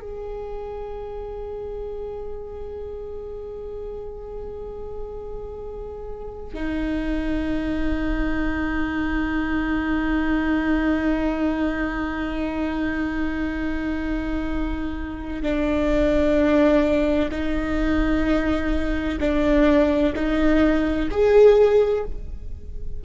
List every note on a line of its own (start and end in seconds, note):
0.00 6.54 G#4
6.54 15.42 D#4
15.42 17.30 D4
17.31 19.18 D#4
19.20 20.13 D4
20.15 21.09 D#4
21.11 22.04 G#4